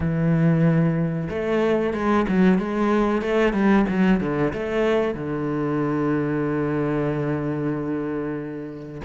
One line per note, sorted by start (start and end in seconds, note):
0.00 1.28 E3
1.29 1.93 A3
1.93 2.26 G#3
2.28 2.58 F#3
2.58 3.21 G#3
3.21 3.53 A3
3.53 3.85 G3
3.89 4.20 F#3
4.20 4.52 D3
4.53 5.14 A3
5.14 9.01 D3